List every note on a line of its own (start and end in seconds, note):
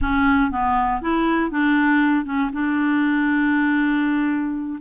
0.01 0.51 C#4
0.51 1.01 B3
1.01 1.50 E4
1.50 2.25 D4
2.25 2.50 C#4
2.52 4.79 D4